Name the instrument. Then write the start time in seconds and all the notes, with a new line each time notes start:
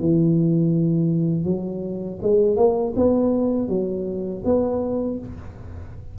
tuba
0.00 E3
1.45 F#3
2.23 G#3
2.57 A#3
2.96 B3
3.69 F#3
4.45 B3